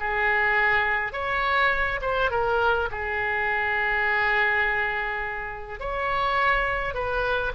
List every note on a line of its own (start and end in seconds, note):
0.00 1.13 G#4
1.13 2.00 C#5
2.02 2.31 C5
2.31 2.89 A#4
2.91 5.80 G#4
5.80 6.95 C#5
6.95 7.53 B4